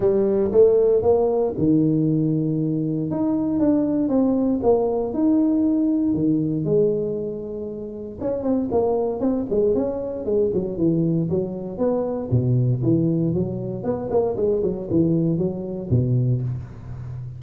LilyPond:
\new Staff \with { instrumentName = "tuba" } { \time 4/4 \tempo 4 = 117 g4 a4 ais4 dis4~ | dis2 dis'4 d'4 | c'4 ais4 dis'2 | dis4 gis2. |
cis'8 c'8 ais4 c'8 gis8 cis'4 | gis8 fis8 e4 fis4 b4 | b,4 e4 fis4 b8 ais8 | gis8 fis8 e4 fis4 b,4 | }